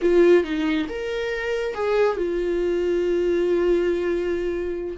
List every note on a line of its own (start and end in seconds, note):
0.01 0.44 F4
0.44 0.87 D#4
0.88 1.74 A#4
1.74 2.16 G#4
2.16 4.97 F4